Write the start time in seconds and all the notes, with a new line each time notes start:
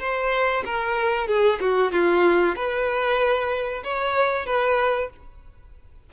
0.00 C5
0.66 A#4
1.28 G#4
1.61 F#4
1.92 F4
2.56 B4
3.84 C#5
4.46 B4